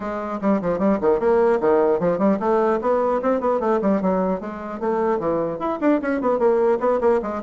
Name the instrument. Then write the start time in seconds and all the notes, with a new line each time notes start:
bassoon
0.00 G#3
0.41 G3
0.61 F3
0.79 G3
1.00 D#3
1.19 A#3
1.60 D#3
1.99 F3
2.18 G3
2.39 A3
2.81 B3
3.22 C4
3.40 B3
3.59 A3
3.81 G3
4.01 F#3
4.40 G#3
4.80 A3
5.19 E3
5.59 E4
5.80 D4
6.01 C#4
6.21 B3
6.38 A#3
6.80 B3
7.00 A#3
7.22 G#3